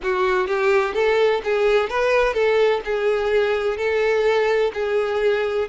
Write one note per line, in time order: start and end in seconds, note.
0.02 0.47 F#4
0.47 0.94 G4
0.94 1.41 A4
1.43 1.89 G#4
1.89 2.33 B4
2.33 2.80 A4
2.85 3.77 G#4
3.77 4.71 A4
4.73 5.68 G#4